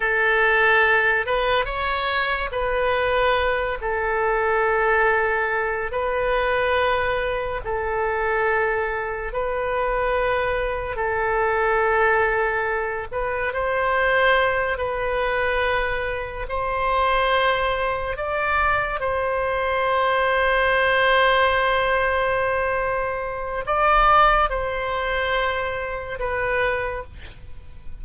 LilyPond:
\new Staff \with { instrumentName = "oboe" } { \time 4/4 \tempo 4 = 71 a'4. b'8 cis''4 b'4~ | b'8 a'2~ a'8 b'4~ | b'4 a'2 b'4~ | b'4 a'2~ a'8 b'8 |
c''4. b'2 c''8~ | c''4. d''4 c''4.~ | c''1 | d''4 c''2 b'4 | }